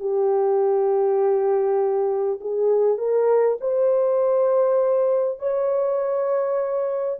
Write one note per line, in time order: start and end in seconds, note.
0.00 2.40 G4
2.41 2.98 G#4
2.98 3.58 A#4
3.61 5.39 C5
5.39 7.19 C#5